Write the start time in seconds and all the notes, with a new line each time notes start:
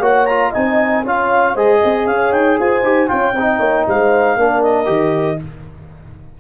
0.00 A#3 F#4 C#5 F#5
0.26 F4 A#5
0.50 D#4 D#5 G#5
0.56 C4
1.03 C#4 F4 C#5 F5
1.54 G#3 G#4 C5 D#5
1.82 C4 D#5
2.07 C#4 C#5 F5
2.32 D#4 G5
2.59 F4 C5 G#5
2.83 D#4 G4
3.08 C#4 F4 C#5 G5
3.34 C4 D#4 D#5
3.60 A#3 C#5
3.88 G#3 C5 F5
4.37 A#3 D4 A#4
4.63 D#5
4.86 D#3 G4